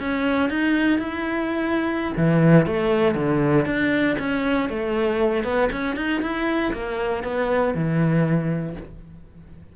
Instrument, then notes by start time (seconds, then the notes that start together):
cello
0.00 C#4
0.50 D#4
0.99 E4
2.17 E3
2.67 A3
3.15 D3
3.66 D4
4.19 C#4
4.70 A3
5.44 B3
5.72 C#4
5.97 D#4
6.22 E4
6.74 A#3
7.24 B3
7.75 E3